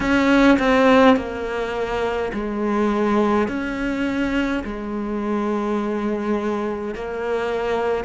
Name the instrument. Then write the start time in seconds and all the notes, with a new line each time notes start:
cello
0.00 C#4
0.58 C4
1.16 A#3
2.33 G#3
3.48 C#4
4.64 G#3
6.94 A#3